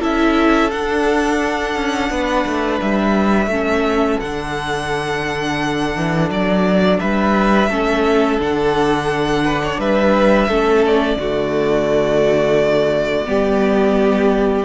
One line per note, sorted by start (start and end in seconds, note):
0.00 0.72 C#4
0.00 0.70 E4
0.00 2.09 A4
0.00 0.71 E5
0.71 1.75 D4
0.71 3.51 D4
0.71 2.80 F#5
1.75 2.10 C#4
2.10 2.45 B3
2.10 3.51 B4
2.46 2.81 A3
2.82 3.47 G3
2.82 4.20 E5
3.47 4.16 A3
3.47 4.21 C#4
3.47 7.00 A4
4.20 5.96 D3
4.20 7.71 D4
4.20 6.29 F#5
5.96 6.29 E3
6.29 6.99 F#3
6.29 7.00 D5
7.00 7.69 G3
7.00 7.69 B4
7.00 8.39 E5
7.69 8.38 A3
7.69 8.40 C#4
7.69 9.44 A4
8.40 9.78 D3
8.40 10.49 D4
8.40 9.80 F#5
9.44 9.62 B4
9.63 9.80 C#5
9.78 10.48 G3
9.78 10.48 B4
9.78 10.85 E5
10.48 11.16 A3
10.48 11.19 C#4
10.48 11.18 A4
10.86 14.65 D5
11.16 13.25 D3
11.16 13.26 A3
11.16 13.28 F#4
13.26 14.65 G3
13.26 14.65 B3
13.26 14.65 G4